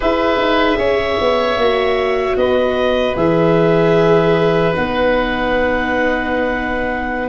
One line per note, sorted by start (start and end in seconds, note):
0.00 0.37 E4
0.00 1.58 G#4
0.00 0.78 B4
0.00 2.36 E5
0.37 0.77 D#4
0.77 1.17 C#4
0.77 2.36 C#5
1.20 1.56 B3
1.56 2.35 A#3
1.56 3.16 F#4
2.36 3.15 B3
2.36 7.28 B4
2.36 3.15 D#5
3.16 4.74 E3
3.16 4.73 G#4
3.16 4.74 E5
4.73 7.28 B3
4.73 7.28 D#4
4.73 7.28 F#5